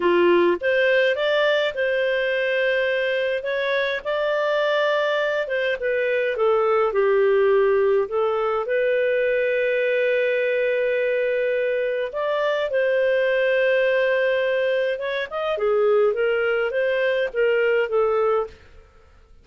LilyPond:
\new Staff \with { instrumentName = "clarinet" } { \time 4/4 \tempo 4 = 104 f'4 c''4 d''4 c''4~ | c''2 cis''4 d''4~ | d''4. c''8 b'4 a'4 | g'2 a'4 b'4~ |
b'1~ | b'4 d''4 c''2~ | c''2 cis''8 dis''8 gis'4 | ais'4 c''4 ais'4 a'4 | }